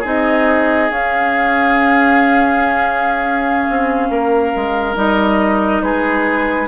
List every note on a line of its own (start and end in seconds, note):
0.00 0.89 C4
0.00 0.90 D#4
0.00 4.07 G#4
0.00 0.90 D#5
0.89 3.68 C#4
0.89 4.95 C#4
0.89 4.97 F5
3.69 4.09 C4
4.09 4.52 A#3
4.09 5.82 A#4
4.55 4.95 G#3
4.95 5.81 G3
4.95 6.66 D#4
4.95 5.82 D#5
5.82 6.67 G#3
5.82 6.67 G#4
5.82 6.67 B4